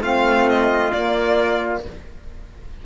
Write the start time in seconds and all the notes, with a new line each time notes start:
0.00 A3 C4 F4 F5
0.48 D#5
0.91 A#3 D5